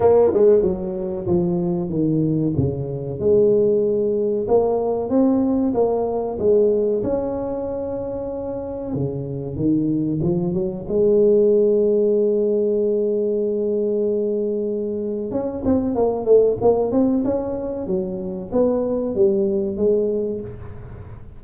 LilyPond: \new Staff \with { instrumentName = "tuba" } { \time 4/4 \tempo 4 = 94 ais8 gis8 fis4 f4 dis4 | cis4 gis2 ais4 | c'4 ais4 gis4 cis'4~ | cis'2 cis4 dis4 |
f8 fis8 gis2.~ | gis1 | cis'8 c'8 ais8 a8 ais8 c'8 cis'4 | fis4 b4 g4 gis4 | }